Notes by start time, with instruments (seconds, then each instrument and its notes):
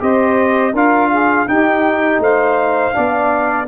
0.00 tuba C4, trombone G4, saxophone C5, trumpet D#5
0.73 tuba D4, trombone F4, saxophone A#4, trumpet F5
1.11 saxophone G#4
1.48 trombone D#4, tuba D#4, saxophone G4, trumpet G5
2.19 tuba A3, saxophone C5, trumpet F5
2.93 tuba B3, trombone D4, saxophone D5